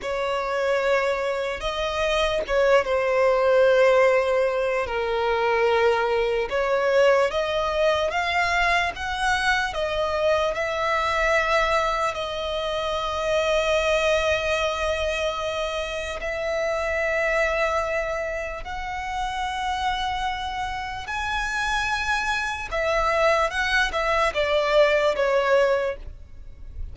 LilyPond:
\new Staff \with { instrumentName = "violin" } { \time 4/4 \tempo 4 = 74 cis''2 dis''4 cis''8 c''8~ | c''2 ais'2 | cis''4 dis''4 f''4 fis''4 | dis''4 e''2 dis''4~ |
dis''1 | e''2. fis''4~ | fis''2 gis''2 | e''4 fis''8 e''8 d''4 cis''4 | }